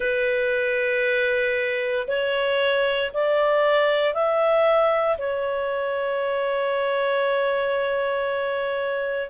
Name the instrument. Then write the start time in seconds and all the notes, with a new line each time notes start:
clarinet
0.00 B4
2.07 C#5
3.13 D5
4.14 E5
5.17 C#5